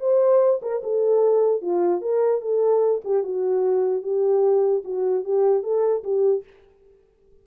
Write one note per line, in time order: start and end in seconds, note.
0.00 0.60 C5
0.62 0.82 A#4
0.83 1.62 A4
1.62 2.01 F4
2.01 2.41 A#4
2.41 3.02 A4
3.04 3.23 G4
3.23 4.02 F#4
4.02 4.83 G4
4.84 5.24 F#4
5.24 5.63 G4
5.63 6.03 A4
6.03 6.44 G4